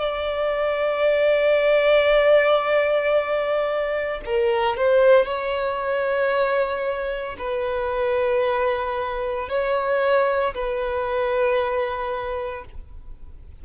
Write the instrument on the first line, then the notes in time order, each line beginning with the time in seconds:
violin
0.00 D5
4.26 A#4
4.77 C5
5.26 C#5
7.39 B4
9.49 C#5
10.55 B4